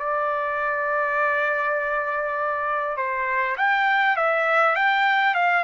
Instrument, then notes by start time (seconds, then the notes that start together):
trumpet
0.00 D5
2.97 C5
3.58 G5
4.17 E5
4.76 G5
5.35 F5